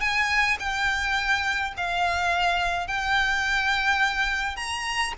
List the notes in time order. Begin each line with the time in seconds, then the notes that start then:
0.00 G#5
0.59 G5
1.77 F5
2.87 G5
4.56 A#5